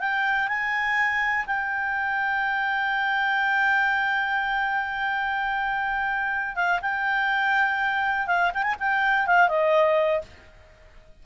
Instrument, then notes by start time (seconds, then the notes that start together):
clarinet
0.00 G5
0.48 G#5
1.47 G5
6.56 F5
6.82 G5
8.27 F5
8.54 G5
8.63 G#5
8.80 G5
9.27 F5
9.49 D#5